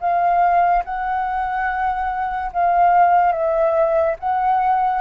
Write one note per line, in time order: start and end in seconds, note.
0.00 0.83 F5
0.85 2.52 F#5
2.53 3.32 F5
3.32 4.16 E5
4.20 5.01 F#5